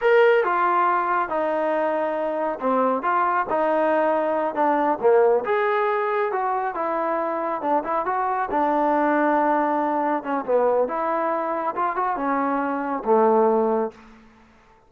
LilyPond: \new Staff \with { instrumentName = "trombone" } { \time 4/4 \tempo 4 = 138 ais'4 f'2 dis'4~ | dis'2 c'4 f'4 | dis'2~ dis'8 d'4 ais8~ | ais8 gis'2 fis'4 e'8~ |
e'4. d'8 e'8 fis'4 d'8~ | d'2.~ d'8 cis'8 | b4 e'2 f'8 fis'8 | cis'2 a2 | }